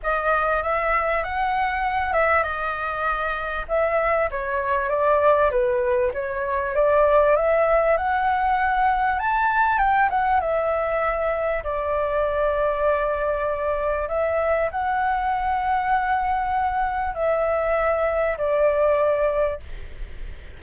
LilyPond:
\new Staff \with { instrumentName = "flute" } { \time 4/4 \tempo 4 = 98 dis''4 e''4 fis''4. e''8 | dis''2 e''4 cis''4 | d''4 b'4 cis''4 d''4 | e''4 fis''2 a''4 |
g''8 fis''8 e''2 d''4~ | d''2. e''4 | fis''1 | e''2 d''2 | }